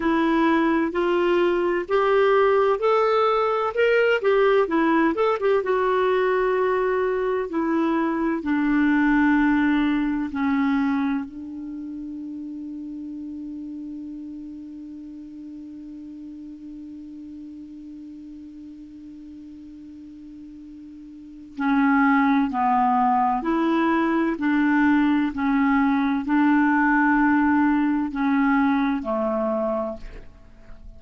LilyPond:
\new Staff \with { instrumentName = "clarinet" } { \time 4/4 \tempo 4 = 64 e'4 f'4 g'4 a'4 | ais'8 g'8 e'8 a'16 g'16 fis'2 | e'4 d'2 cis'4 | d'1~ |
d'1~ | d'2. cis'4 | b4 e'4 d'4 cis'4 | d'2 cis'4 a4 | }